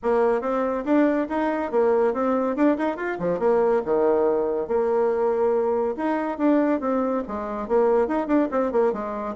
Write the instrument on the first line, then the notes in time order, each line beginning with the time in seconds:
bassoon
0.02 A#3
0.41 C4
0.84 D4
1.29 D#4
1.71 A#3
2.13 C4
2.55 D4
2.77 D#4
2.96 F4
3.19 F3
3.39 A#3
3.85 D#3
4.67 A#3
5.97 D#4
6.38 D4
6.80 C4
7.27 G#3
7.68 A#3
8.07 D#4
8.27 D4
8.51 C4
8.72 A#3
8.92 G#3